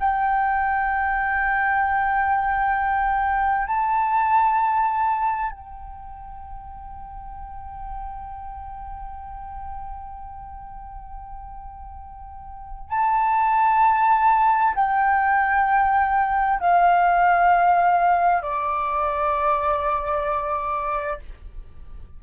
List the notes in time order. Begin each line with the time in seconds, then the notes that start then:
0.00 G5
3.68 A5
5.51 G5
12.90 A5
14.75 G5
16.60 F5
18.42 D5